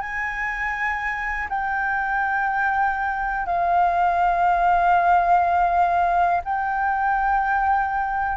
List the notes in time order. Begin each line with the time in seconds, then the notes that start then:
0.00 G#5
1.49 G5
3.46 F5
6.44 G5